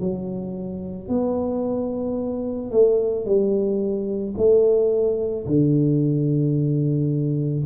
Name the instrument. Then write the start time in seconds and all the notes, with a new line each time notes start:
tuba
0.00 F#3
1.09 B3
2.71 A3
3.25 G3
4.37 A3
5.47 D3